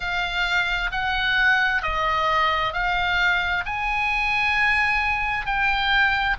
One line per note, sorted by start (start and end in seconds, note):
0.00 0.90 F5
0.91 1.82 F#5
1.82 2.73 D#5
2.73 3.64 F5
3.65 5.45 G#5
5.45 6.36 G5